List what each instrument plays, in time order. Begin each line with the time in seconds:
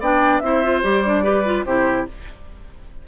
0.00 bassoon B3, clarinet D4, oboe D5, flute G5
0.39 bassoon C4, clarinet E4, oboe C5, flute E5
0.63 clarinet F4
0.83 bassoon G3, clarinet G4, flute D5
1.05 clarinet D4
1.23 clarinet G4, oboe B4
1.45 clarinet F4
1.65 bassoon C3, clarinet E4, oboe G4, flute C5